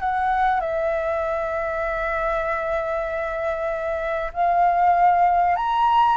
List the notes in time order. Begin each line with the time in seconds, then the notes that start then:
0.00 F#5
0.61 E5
4.33 F5
5.56 A#5